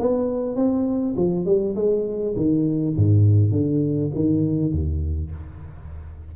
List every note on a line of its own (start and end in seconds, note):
0.00 0.56 B3
0.56 1.15 C4
1.17 1.46 F3
1.46 1.76 G3
1.76 2.35 G#3
2.37 2.96 D#3
2.96 3.52 G#2
3.52 4.11 D3
4.15 4.73 D#3
4.73 5.32 D#2